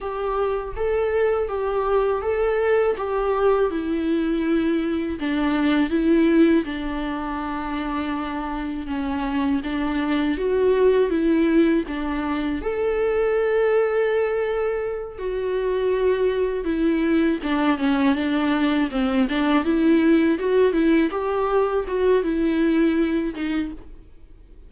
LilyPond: \new Staff \with { instrumentName = "viola" } { \time 4/4 \tempo 4 = 81 g'4 a'4 g'4 a'4 | g'4 e'2 d'4 | e'4 d'2. | cis'4 d'4 fis'4 e'4 |
d'4 a'2.~ | a'8 fis'2 e'4 d'8 | cis'8 d'4 c'8 d'8 e'4 fis'8 | e'8 g'4 fis'8 e'4. dis'8 | }